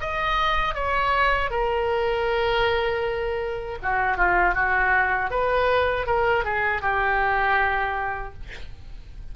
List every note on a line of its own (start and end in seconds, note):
0.00 0.74 D#5
0.74 1.50 C#5
1.50 3.78 A#4
3.82 4.16 F#4
4.16 4.54 F4
4.54 5.30 F#4
5.30 6.06 B4
6.06 6.44 A#4
6.44 6.81 G#4
6.81 8.33 G4